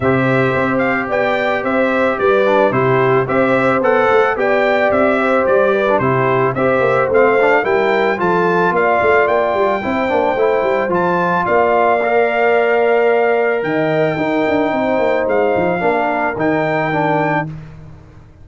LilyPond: <<
  \new Staff \with { instrumentName = "trumpet" } { \time 4/4 \tempo 4 = 110 e''4. f''8 g''4 e''4 | d''4 c''4 e''4 fis''4 | g''4 e''4 d''4 c''4 | e''4 f''4 g''4 a''4 |
f''4 g''2. | a''4 f''2.~ | f''4 g''2. | f''2 g''2 | }
  \new Staff \with { instrumentName = "horn" } { \time 4/4 c''2 d''4 c''4 | b'4 g'4 c''2 | d''4. c''4 b'8 g'4 | c''2 ais'4 a'4 |
d''2 c''2~ | c''4 d''2.~ | d''4 dis''4 ais'4 c''4~ | c''4 ais'2. | }
  \new Staff \with { instrumentName = "trombone" } { \time 4/4 g'1~ | g'8 d'8 e'4 g'4 a'4 | g'2~ g'8. d'16 e'4 | g'4 c'8 d'8 e'4 f'4~ |
f'2 e'8 d'8 e'4 | f'2 ais'2~ | ais'2 dis'2~ | dis'4 d'4 dis'4 d'4 | }
  \new Staff \with { instrumentName = "tuba" } { \time 4/4 c4 c'4 b4 c'4 | g4 c4 c'4 b8 a8 | b4 c'4 g4 c4 | c'8 ais8 a4 g4 f4 |
ais8 a8 ais8 g8 c'8 ais8 a8 g8 | f4 ais2.~ | ais4 dis4 dis'8 d'8 c'8 ais8 | gis8 f8 ais4 dis2 | }
>>